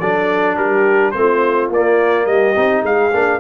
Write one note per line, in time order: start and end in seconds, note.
0.00 0.57 F#3
0.00 1.15 D4
0.00 0.57 A4
0.00 0.57 D5
0.57 1.13 G3
0.57 1.15 G4
0.57 1.11 A#4
1.11 1.69 A3
1.11 1.72 C4
1.11 1.68 C5
1.19 2.27 F4
1.69 2.26 A#3
1.69 2.26 D5
1.75 2.55 A#3
2.26 2.54 G3
2.26 2.83 G4
2.26 2.83 D#5
2.55 2.83 C4
2.55 3.12 D#4
2.83 3.11 G#3
2.83 3.40 G#4
2.83 3.40 F5
3.12 3.40 A#3
3.12 3.40 D4